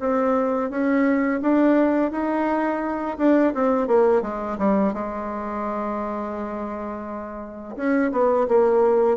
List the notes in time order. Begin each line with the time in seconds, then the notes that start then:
0.00 C4
0.70 C#4
1.42 D4
2.12 D#4
3.18 D4
3.54 C4
3.88 A#3
4.22 G#3
4.59 G3
4.94 G#3
7.76 C#4
8.12 B3
8.49 A#3